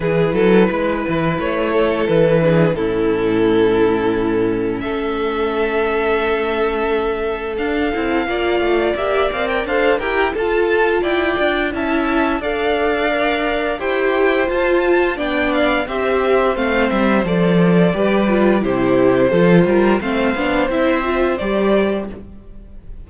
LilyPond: <<
  \new Staff \with { instrumentName = "violin" } { \time 4/4 \tempo 4 = 87 b'2 cis''4 b'4 | a'2. e''4~ | e''2. f''4~ | f''4 e''8 f''16 g''16 f''8 g''8 a''4 |
g''4 a''4 f''2 | g''4 a''4 g''8 f''8 e''4 | f''8 e''8 d''2 c''4~ | c''4 f''4 e''4 d''4 | }
  \new Staff \with { instrumentName = "violin" } { \time 4/4 gis'8 a'8 b'4. a'4 gis'8 | e'2. a'4~ | a'1 | d''2 c''8 ais'8 a'4 |
d''4 e''4 d''2 | c''2 d''4 c''4~ | c''2 b'4 g'4 | a'8 ais'8 c''2. | }
  \new Staff \with { instrumentName = "viola" } { \time 4/4 e'2.~ e'8 d'8 | cis'1~ | cis'2. d'8 e'8 | f'4 g'8 ais'8 a'8 g'8 f'4~ |
f'4 e'4 a'4 ais'4 | g'4 f'4 d'4 g'4 | c'4 a'4 g'8 f'8 e'4 | f'4 c'8 d'8 e'8 f'8 g'4 | }
  \new Staff \with { instrumentName = "cello" } { \time 4/4 e8 fis8 gis8 e8 a4 e4 | a,2. a4~ | a2. d'8 c'8 | ais8 a8 ais8 c'8 d'8 e'8 f'4 |
e'8 d'8 cis'4 d'2 | e'4 f'4 b4 c'4 | a8 g8 f4 g4 c4 | f8 g8 a8 b8 c'4 g4 | }
>>